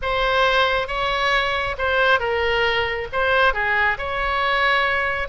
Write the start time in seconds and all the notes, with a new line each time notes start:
0.02 C5
0.87 C#5
1.78 C5
2.19 A#4
3.12 C5
3.53 G#4
3.97 C#5